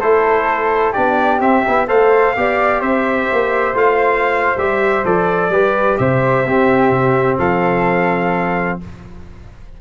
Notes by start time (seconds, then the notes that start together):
0.00 A3 E4 A4 C5
0.93 B3 D4 G4 D5
1.40 C4 E5
1.68 B3 E4
1.88 A3 A4 C5 F5
2.37 B3 G4 D5
2.80 C4 C5 E5
3.33 A#3
3.74 A3 F4 F5
4.57 G3 G4 E5
5.05 F3 A4 D5
5.49 G3 G4 B4
5.98 C3 C5 E5
6.46 C4 G4
6.91 C3
7.38 F3 A4 F5